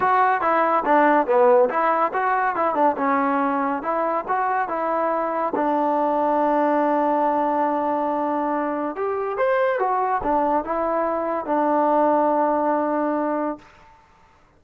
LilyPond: \new Staff \with { instrumentName = "trombone" } { \time 4/4 \tempo 4 = 141 fis'4 e'4 d'4 b4 | e'4 fis'4 e'8 d'8 cis'4~ | cis'4 e'4 fis'4 e'4~ | e'4 d'2.~ |
d'1~ | d'4 g'4 c''4 fis'4 | d'4 e'2 d'4~ | d'1 | }